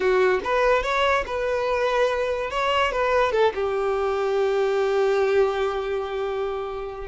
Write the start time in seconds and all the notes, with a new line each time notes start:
0.00 F#4
0.43 B4
0.82 C#5
1.26 B4
2.50 C#5
2.92 B4
3.32 A4
3.54 G4